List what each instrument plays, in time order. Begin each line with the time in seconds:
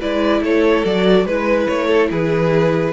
0.00 cello G#3, viola E4, violin B4 D5
0.42 cello A3, violin A4 C#5
0.85 cello F#3, viola F#4, violin D5
1.26 cello G#3, viola E4, violin B4
1.68 cello A3, violin C#5
1.88 violin A4
2.11 cello E3, violin G#4 B4